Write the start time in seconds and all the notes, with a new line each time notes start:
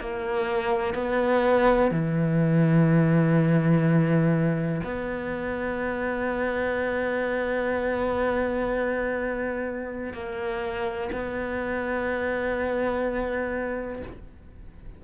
0.00 A#3
0.94 B3
1.90 E3
4.83 B3
10.13 A#3
11.12 B3